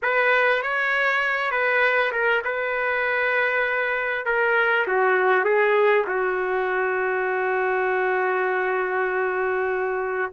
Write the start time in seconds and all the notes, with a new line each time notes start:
0.02 B4
0.62 C#5
1.51 B4
2.12 A#4
2.44 B4
4.25 A#4
4.87 F#4
5.44 G#4
6.07 F#4